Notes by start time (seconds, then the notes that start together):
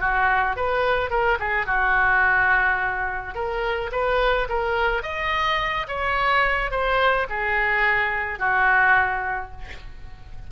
0.00 F#4
0.56 B4
1.10 A#4
1.39 G#4
1.66 F#4
3.35 A#4
3.92 B4
4.49 A#4
5.02 D#5
5.88 C#5
6.71 C5
7.29 G#4
8.39 F#4